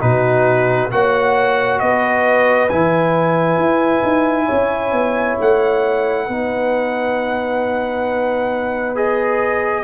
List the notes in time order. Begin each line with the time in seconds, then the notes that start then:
0.00 B2 D#4 F#4 B4
0.90 A#3 F#4 C#5 F#5
1.79 B3 B4 D#5
2.69 E3 E4 G#5
3.56 E4
4.03 D#4
4.45 C#4 C#5
4.92 B3
5.40 A3 F#5
6.26 B3 D#4 B4
8.95 G#4 D#5